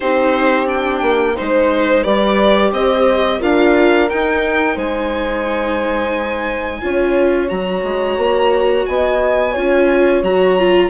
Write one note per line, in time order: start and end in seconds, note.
0.00 1.02 C4
0.00 0.66 D#4
0.00 1.35 G4
0.00 0.68 C5
0.66 1.34 D4
0.66 1.36 G5
1.02 1.36 A#3
1.35 2.05 G#3
1.35 2.04 D#4
1.35 2.03 C5
2.03 2.72 G3
2.03 3.40 G4
2.03 2.71 B4
2.03 2.71 D5
2.72 3.40 C4
2.72 3.39 C5
2.72 3.41 D#5
3.39 4.10 D4
3.39 4.08 F4
3.39 4.75 A#4
3.39 4.09 F5
4.09 6.81 D#4
4.09 4.76 D#4
4.09 4.77 G5
4.75 6.81 G#3
4.75 6.80 C5
4.75 7.49 G#5
6.81 7.50 C#4
6.81 7.47 F4
6.81 8.88 C#5
7.47 7.83 F#3
7.47 9.52 F#4
7.47 8.85 A#5
7.83 8.17 G#3
8.17 8.85 A#3
8.85 9.56 B3
8.85 9.51 D#5
8.85 10.22 G#5
9.51 10.22 C#4
9.51 10.23 F4
9.51 10.87 C#5
10.22 10.89 F#3
10.22 10.58 F#4
10.22 10.89 A#5
10.58 10.89 F4